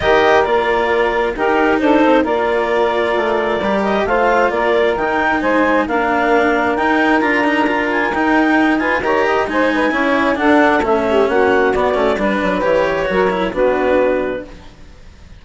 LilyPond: <<
  \new Staff \with { instrumentName = "clarinet" } { \time 4/4 \tempo 4 = 133 dis''4 d''2 ais'4 | c''4 d''2.~ | d''8 dis''8 f''4 d''4 g''4 | gis''4 f''2 g''4 |
ais''4. gis''8 g''4. gis''8 | ais''4 gis''2 fis''4 | e''4 fis''4 d''4 b'4 | cis''2 b'2 | }
  \new Staff \with { instrumentName = "saxophone" } { \time 4/4 ais'2. g'4 | a'4 ais'2.~ | ais'4 c''4 ais'2 | c''4 ais'2.~ |
ais'2.~ ais'8 b'8 | cis''8 dis''8 c''8 b'8 cis''4 a'4~ | a'8 g'8 fis'2 b'4~ | b'4 ais'4 fis'2 | }
  \new Staff \with { instrumentName = "cello" } { \time 4/4 g'4 f'2 dis'4~ | dis'4 f'2. | g'4 f'2 dis'4~ | dis'4 d'2 dis'4 |
f'8 dis'8 f'4 dis'4. f'8 | g'4 dis'4 e'4 d'4 | cis'2 b8 cis'8 d'4 | g'4 fis'8 e'8 d'2 | }
  \new Staff \with { instrumentName = "bassoon" } { \time 4/4 dis4 ais2 dis'4 | d'8 c'8 ais2 a4 | g4 a4 ais4 dis4 | gis4 ais2 dis'4 |
d'2 dis'2 | dis4 gis4 cis'4 d'4 | a4 ais4 b8 a8 g8 fis8 | e4 fis4 b2 | }
>>